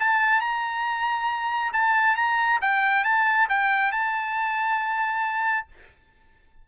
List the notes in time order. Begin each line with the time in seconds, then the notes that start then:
0.00 A5
0.41 A#5
1.73 A5
2.16 A#5
2.62 G5
3.04 A5
3.49 G5
3.92 A5